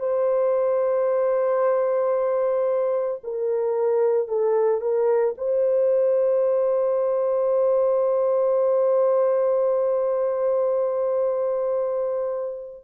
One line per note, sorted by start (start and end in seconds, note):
0.00 3.21 C5
3.24 4.29 A#4
4.29 4.81 A4
4.81 5.35 A#4
5.38 12.85 C5